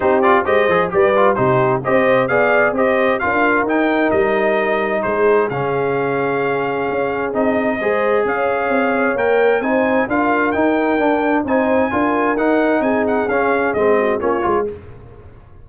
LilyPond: <<
  \new Staff \with { instrumentName = "trumpet" } { \time 4/4 \tempo 4 = 131 c''8 d''8 dis''4 d''4 c''4 | dis''4 f''4 dis''4 f''4 | g''4 dis''2 c''4 | f''1 |
dis''2 f''2 | g''4 gis''4 f''4 g''4~ | g''4 gis''2 fis''4 | gis''8 fis''8 f''4 dis''4 cis''4 | }
  \new Staff \with { instrumentName = "horn" } { \time 4/4 g'4 c''4 b'4 g'4 | c''4 d''4 c''4 ais'4~ | ais'2. gis'4~ | gis'1~ |
gis'4 c''4 cis''2~ | cis''4 c''4 ais'2~ | ais'4 c''4 ais'2 | gis'2~ gis'8 fis'8 f'4 | }
  \new Staff \with { instrumentName = "trombone" } { \time 4/4 dis'8 f'8 g'8 gis'8 g'8 f'8 dis'4 | g'4 gis'4 g'4 f'4 | dis'1 | cis'1 |
dis'4 gis'2. | ais'4 dis'4 f'4 dis'4 | d'4 dis'4 f'4 dis'4~ | dis'4 cis'4 c'4 cis'8 f'8 | }
  \new Staff \with { instrumentName = "tuba" } { \time 4/4 c'4 gis8 f8 g4 c4 | c'4 b4 c'4 d'4 | dis'4 g2 gis4 | cis2. cis'4 |
c'4 gis4 cis'4 c'4 | ais4 c'4 d'4 dis'4 | d'4 c'4 d'4 dis'4 | c'4 cis'4 gis4 ais8 gis8 | }
>>